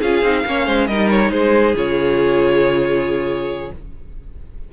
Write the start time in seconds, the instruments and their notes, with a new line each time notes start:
0.00 cello C#4, viola F4, violin G#4 F5
0.22 cello C4, viola D#4
0.46 cello A#3, viola C#4, violin C#5
0.66 cello G#3, violin C5
0.87 cello G3, viola D#4, violin A#4 D#5
1.10 violin C#5
1.31 cello G#3, violin G#4 C5
1.74 cello C#3, viola F4, violin C#5